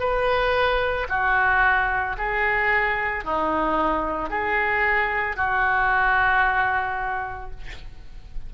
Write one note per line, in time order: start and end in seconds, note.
0.00 1.07 B4
1.09 2.16 F#4
2.18 3.24 G#4
3.24 4.30 D#4
4.30 5.36 G#4
5.36 7.50 F#4